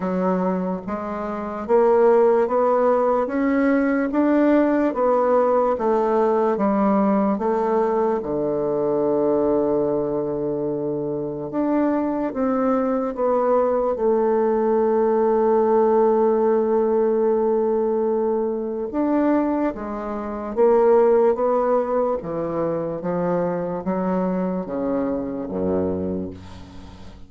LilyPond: \new Staff \with { instrumentName = "bassoon" } { \time 4/4 \tempo 4 = 73 fis4 gis4 ais4 b4 | cis'4 d'4 b4 a4 | g4 a4 d2~ | d2 d'4 c'4 |
b4 a2.~ | a2. d'4 | gis4 ais4 b4 e4 | f4 fis4 cis4 fis,4 | }